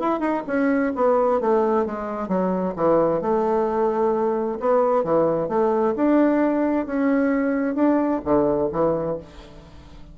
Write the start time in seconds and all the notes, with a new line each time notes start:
0.00 E4
0.20 D#4
0.47 C#4
0.95 B3
1.41 A3
1.86 G#3
2.28 F#3
2.76 E3
3.21 A3
4.60 B3
5.04 E3
5.49 A3
5.96 D4
6.86 C#4
7.75 D4
8.25 D3
8.72 E3